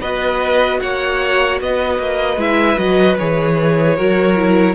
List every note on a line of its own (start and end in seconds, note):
0.00 0.80 B3
0.00 2.38 F#4
0.00 0.79 B4
0.00 0.80 D#5
0.80 1.61 A#3
0.80 1.61 C#5
0.80 1.59 F#5
1.61 1.98 B3
1.61 3.96 B4
1.61 2.40 D#5
1.98 2.37 A#3
2.37 2.76 G#3
2.37 2.77 E4
2.37 2.78 E5
2.77 3.17 F#3
2.77 3.16 F#4
2.77 3.17 D#5
3.17 3.99 E3
3.17 3.97 G#4
3.17 4.75 C#5
3.96 4.75 F#3
3.96 4.36 F#4
3.96 4.75 A#4
4.36 4.75 E4